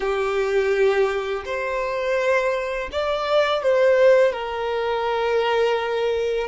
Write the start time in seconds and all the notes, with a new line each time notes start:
0.00 G4
1.45 C5
2.92 D5
3.62 C5
4.32 A#4